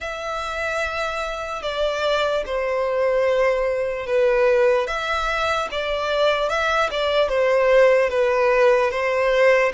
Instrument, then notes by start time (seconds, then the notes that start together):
violin
0.00 E5
1.62 D5
2.45 C5
4.06 B4
4.87 E5
5.71 D5
6.49 E5
6.90 D5
7.28 C5
8.09 B4
8.90 C5